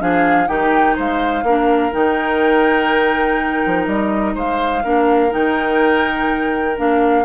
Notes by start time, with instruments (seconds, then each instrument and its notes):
0.00 bassoon F3, clarinet D4, oboe G#4, flute F5
0.47 bassoon D#3, clarinet D#4, oboe G4, flute G5
0.96 bassoon G#3, oboe C5, flute F5
1.43 bassoon A#3, clarinet D4, oboe A#4
1.92 bassoon D#3, clarinet D#4, flute G5
3.66 bassoon F3
3.86 bassoon G3, flute D#5
4.35 bassoon G#3, oboe C5, flute F5
4.84 bassoon A#3, clarinet D4, oboe A#4
5.30 bassoon D#3, clarinet D#4, flute G5
6.77 bassoon A#3, clarinet D4, flute F5